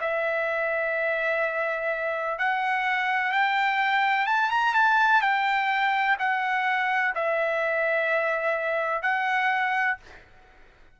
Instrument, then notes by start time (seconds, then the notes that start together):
trumpet
0.00 E5
2.39 F#5
3.32 G5
4.26 A5
4.50 A#5
4.74 A5
5.21 G5
6.19 F#5
7.15 E5
9.02 F#5